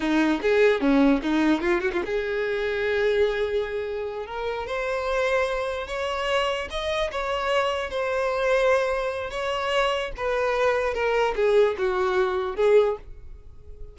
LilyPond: \new Staff \with { instrumentName = "violin" } { \time 4/4 \tempo 4 = 148 dis'4 gis'4 cis'4 dis'4 | f'8 fis'16 f'16 gis'2.~ | gis'2~ gis'8 ais'4 c''8~ | c''2~ c''8 cis''4.~ |
cis''8 dis''4 cis''2 c''8~ | c''2. cis''4~ | cis''4 b'2 ais'4 | gis'4 fis'2 gis'4 | }